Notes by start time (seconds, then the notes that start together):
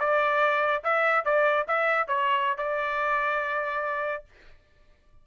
0.00 D5
0.84 E5
1.25 D5
1.68 E5
2.08 C#5
2.58 D5